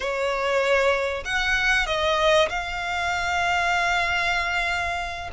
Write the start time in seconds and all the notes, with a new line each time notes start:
0.00 C#5
1.24 F#5
1.86 D#5
2.49 F5